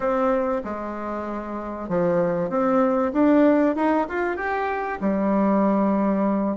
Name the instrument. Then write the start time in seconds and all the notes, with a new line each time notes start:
bassoon
0.00 C4
0.64 G#3
1.88 F3
2.49 C4
3.12 D4
3.75 D#4
4.08 F4
4.36 G4
5.00 G3